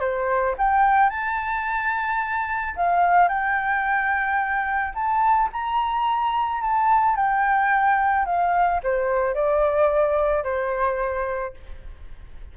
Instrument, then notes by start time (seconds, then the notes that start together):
flute
0.00 C5
0.58 G5
1.10 A5
2.76 F5
3.29 G5
4.94 A5
5.52 A#5
6.61 A5
7.16 G5
8.26 F5
8.83 C5
9.34 D5
10.44 C5